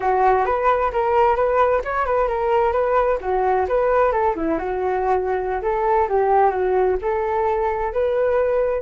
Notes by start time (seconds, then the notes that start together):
0.00 F#4
0.45 B4
0.92 A#4
1.35 B4
1.84 C#5
2.05 B4
2.28 A#4
2.72 B4
3.20 F#4
3.68 B4
4.12 A4
4.35 E4
4.58 F#4
5.62 A4
6.09 G4
6.50 F#4
7.01 A4
7.93 B4